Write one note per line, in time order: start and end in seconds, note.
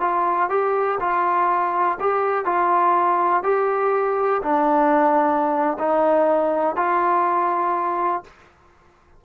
0.00 0.49 F4
0.49 0.98 G4
0.99 1.98 F4
2.00 2.45 G4
2.45 3.43 F4
3.43 4.41 G4
4.42 5.77 D4
5.78 6.76 D#4
6.76 8.23 F4